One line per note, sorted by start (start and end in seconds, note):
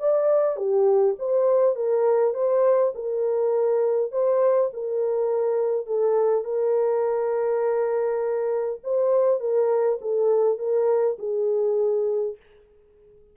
0.00 0.57 D5
0.57 1.16 G4
1.19 1.76 C5
1.76 2.34 A#4
2.34 2.93 C5
2.95 4.12 A#4
4.12 4.71 C5
4.74 5.87 A#4
5.87 6.45 A4
6.45 8.80 A#4
8.84 9.41 C5
9.41 9.99 A#4
10.02 10.59 A4
10.59 11.18 A#4
11.19 12.37 G#4